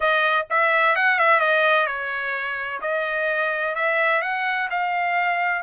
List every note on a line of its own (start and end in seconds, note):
0.00 0.46 D#5
0.50 0.95 E5
0.95 1.18 F#5
1.18 1.40 E5
1.40 1.86 D#5
1.86 2.80 C#5
2.81 3.75 D#5
3.75 4.21 E5
4.21 4.68 F#5
4.70 5.62 F5